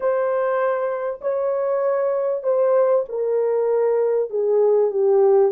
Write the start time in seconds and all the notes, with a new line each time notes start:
0.00 C5
1.21 C#5
2.43 C5
3.08 A#4
4.29 G#4
4.91 G4